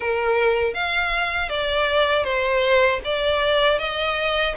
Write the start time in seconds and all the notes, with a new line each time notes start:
0.00 A#4
0.74 F5
1.49 D5
2.24 C5
3.04 D5
3.78 D#5